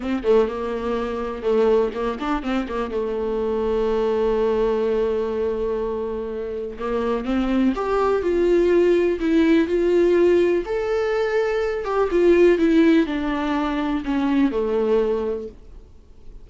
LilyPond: \new Staff \with { instrumentName = "viola" } { \time 4/4 \tempo 4 = 124 c'8 a8 ais2 a4 | ais8 d'8 c'8 ais8 a2~ | a1~ | a2 ais4 c'4 |
g'4 f'2 e'4 | f'2 a'2~ | a'8 g'8 f'4 e'4 d'4~ | d'4 cis'4 a2 | }